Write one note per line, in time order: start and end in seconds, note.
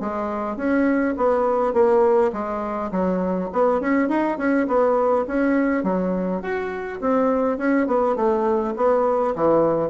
0.00 0.56 G#3
0.56 1.14 C#4
1.17 1.73 B3
1.73 2.31 A#3
2.32 2.91 G#3
2.91 3.49 F#3
3.52 3.80 B3
3.80 4.08 C#4
4.08 4.37 D#4
4.38 4.67 C#4
4.67 5.25 B3
5.27 5.83 C#4
5.83 6.41 F#3
6.41 7.00 F#4
7.00 7.57 C4
7.57 7.86 C#4
7.86 8.16 B3
8.16 8.74 A3
8.76 9.34 B3
9.35 9.89 E3